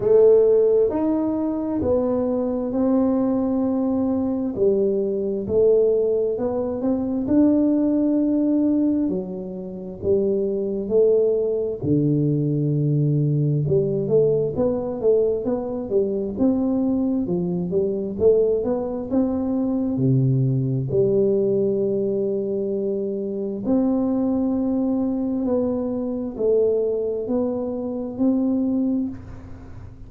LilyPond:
\new Staff \with { instrumentName = "tuba" } { \time 4/4 \tempo 4 = 66 a4 dis'4 b4 c'4~ | c'4 g4 a4 b8 c'8 | d'2 fis4 g4 | a4 d2 g8 a8 |
b8 a8 b8 g8 c'4 f8 g8 | a8 b8 c'4 c4 g4~ | g2 c'2 | b4 a4 b4 c'4 | }